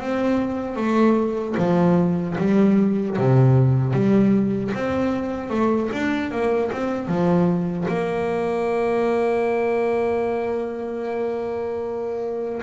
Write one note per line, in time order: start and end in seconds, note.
0.00 0.76 C4
0.76 1.55 A3
1.58 2.36 F3
2.38 3.17 G3
3.18 3.93 C3
3.93 4.72 G3
4.74 5.50 C4
5.50 5.90 A3
5.93 6.31 D4
6.31 6.71 A#3
6.72 7.08 C4
7.08 7.87 F3
7.88 12.62 A#3